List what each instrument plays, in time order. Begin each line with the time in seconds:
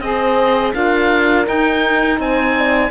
0.00 cello C4, saxophone G#4, horn C5, oboe D#5
0.73 cello D4, saxophone F4, horn A#4, oboe F5
1.44 saxophone D#4, cello D#4, oboe G5
2.19 cello C4, horn C5, oboe G#5
2.57 horn D5